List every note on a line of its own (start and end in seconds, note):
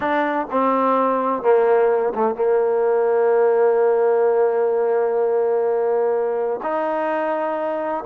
0.00 0.46 D4
0.50 1.42 C4
1.42 2.13 A#3
2.14 2.35 A3
2.35 6.60 A#3
6.62 8.04 D#4